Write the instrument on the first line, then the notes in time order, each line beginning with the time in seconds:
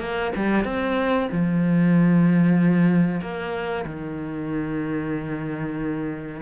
cello
0.00 A#3
0.36 G3
0.65 C4
1.32 F3
3.22 A#3
3.86 D#3